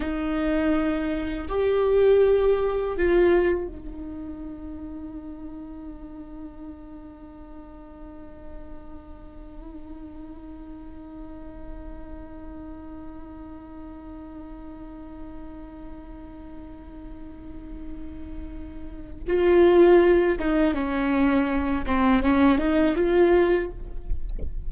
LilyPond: \new Staff \with { instrumentName = "viola" } { \time 4/4 \tempo 4 = 81 dis'2 g'2 | f'4 dis'2.~ | dis'1~ | dis'1~ |
dis'1~ | dis'1~ | dis'2 f'4. dis'8 | cis'4. c'8 cis'8 dis'8 f'4 | }